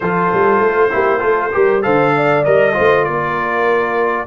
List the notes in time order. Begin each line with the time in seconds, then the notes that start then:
0.00 F3 F4 A4 C5
0.33 G3
0.59 A3
0.90 A#3 E4 G4
1.19 A3 F4 A4
1.52 G3 G4 A#4
1.82 D3 A4 C5 F5
2.16 D5
2.44 G3 A#4 D#5
2.72 A3 F4 C5
3.04 A#3 A#4 D5